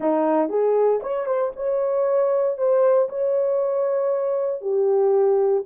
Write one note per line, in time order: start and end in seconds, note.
0.00 0.49 D#4
0.49 1.00 G#4
1.02 1.25 C#5
1.25 1.51 C5
1.56 2.57 C#5
2.57 3.08 C5
3.09 4.61 C#5
4.61 5.63 G4